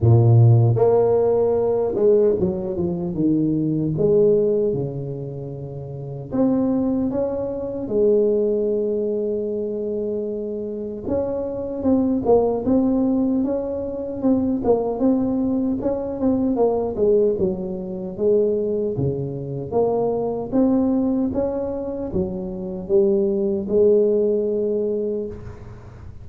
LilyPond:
\new Staff \with { instrumentName = "tuba" } { \time 4/4 \tempo 4 = 76 ais,4 ais4. gis8 fis8 f8 | dis4 gis4 cis2 | c'4 cis'4 gis2~ | gis2 cis'4 c'8 ais8 |
c'4 cis'4 c'8 ais8 c'4 | cis'8 c'8 ais8 gis8 fis4 gis4 | cis4 ais4 c'4 cis'4 | fis4 g4 gis2 | }